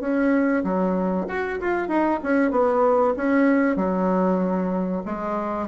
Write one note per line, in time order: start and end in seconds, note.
0.00 0.63 C#4
0.63 1.26 F#3
1.27 1.59 F#4
1.60 1.88 F4
1.88 2.19 D#4
2.22 2.51 C#4
2.51 3.14 B3
3.16 3.76 C#4
3.76 5.02 F#3
5.05 5.68 G#3